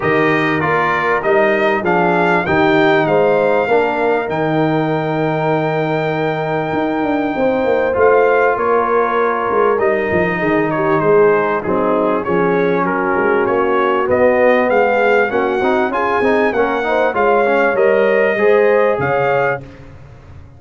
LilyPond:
<<
  \new Staff \with { instrumentName = "trumpet" } { \time 4/4 \tempo 4 = 98 dis''4 d''4 dis''4 f''4 | g''4 f''2 g''4~ | g''1~ | g''4 f''4 cis''2 |
dis''4. cis''8 c''4 gis'4 | cis''4 ais'4 cis''4 dis''4 | f''4 fis''4 gis''4 fis''4 | f''4 dis''2 f''4 | }
  \new Staff \with { instrumentName = "horn" } { \time 4/4 ais'2. gis'4 | g'4 c''4 ais'2~ | ais'1 | c''2 ais'2~ |
ais'4 gis'8 g'8 gis'4 dis'4 | gis'4 fis'2. | gis'4 fis'4 gis'4 ais'8 c''8 | cis''2 c''4 cis''4 | }
  \new Staff \with { instrumentName = "trombone" } { \time 4/4 g'4 f'4 dis'4 d'4 | dis'2 d'4 dis'4~ | dis'1~ | dis'4 f'2. |
dis'2. c'4 | cis'2. b4~ | b4 cis'8 dis'8 f'8 dis'8 cis'8 dis'8 | f'8 cis'8 ais'4 gis'2 | }
  \new Staff \with { instrumentName = "tuba" } { \time 4/4 dis4 ais4 g4 f4 | dis4 gis4 ais4 dis4~ | dis2. dis'8 d'8 | c'8 ais8 a4 ais4. gis8 |
g8 f8 dis4 gis4 fis4 | f4 fis8 gis8 ais4 b4 | gis4 ais8 c'8 cis'8 c'8 ais4 | gis4 g4 gis4 cis4 | }
>>